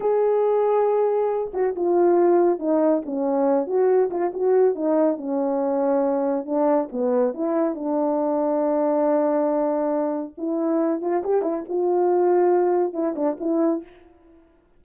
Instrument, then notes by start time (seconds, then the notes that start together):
horn
0.00 G#4
1.53 F#4
1.75 F4
2.59 D#4
3.05 C#4
3.66 F#4
4.10 F4
4.33 F#4
4.75 D#4
5.17 C#4
6.45 D4
6.91 B3
7.34 E4
7.74 D4
10.37 E4
11.01 F4
11.23 G4
11.42 E4
11.68 F4
12.93 E4
13.15 D4
13.40 E4